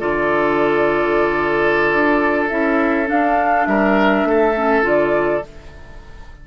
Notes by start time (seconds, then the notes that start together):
0.00 D3 F4 A4 D5
1.93 D4
2.50 C#4 E4 E5
3.06 D4 F5
3.67 G3 A#4 E5
4.24 A3 A4
4.56 C#4
4.83 D3 F4 D5